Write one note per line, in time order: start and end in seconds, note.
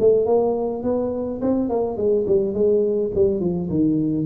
0.00 0.26 A3
0.26 0.83 A#3
0.83 1.41 B3
1.42 1.70 C4
1.70 1.97 A#3
1.97 2.26 G#3
2.27 2.54 G3
2.54 3.12 G#3
3.15 3.41 G3
3.41 3.69 F3
3.70 4.26 D#3